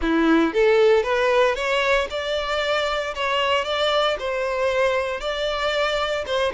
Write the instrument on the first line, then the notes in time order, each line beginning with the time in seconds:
violin
0.01 E4
0.53 A4
1.03 B4
1.55 C#5
2.09 D5
3.14 C#5
3.64 D5
4.19 C5
5.20 D5
6.26 C5